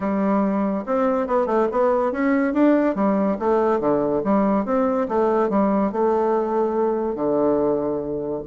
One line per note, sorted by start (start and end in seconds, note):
0.00 0.84 G3
0.86 1.27 C4
1.27 1.46 B3
1.46 1.67 A3
1.71 2.12 B3
2.12 2.53 C#4
2.53 2.95 D4
2.95 3.37 G3
3.39 3.80 A3
3.80 4.22 D3
4.23 4.65 G3
4.65 5.07 C4
5.08 5.49 A3
5.49 5.92 G3
5.92 7.15 A3
7.15 8.42 D3